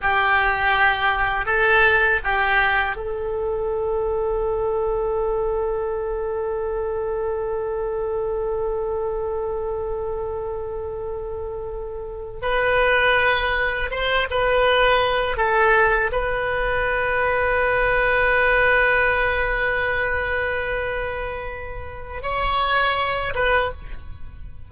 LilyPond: \new Staff \with { instrumentName = "oboe" } { \time 4/4 \tempo 4 = 81 g'2 a'4 g'4 | a'1~ | a'1~ | a'1~ |
a'8. b'2 c''8 b'8.~ | b'8. a'4 b'2~ b'16~ | b'1~ | b'2 cis''4. b'8 | }